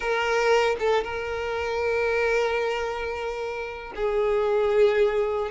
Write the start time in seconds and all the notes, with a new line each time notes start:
0.00 A#4
0.79 A4
1.04 A#4
3.95 G#4